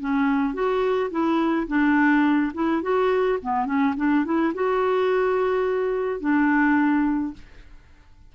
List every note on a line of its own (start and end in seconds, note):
0.00 0.53 C#4
0.53 1.10 F#4
1.10 1.67 E4
1.67 2.52 D4
2.53 2.81 E4
2.82 3.38 F#4
3.42 3.65 B3
3.65 3.94 C#4
3.96 4.25 D4
4.25 4.53 E4
4.54 6.20 F#4
6.20 7.33 D4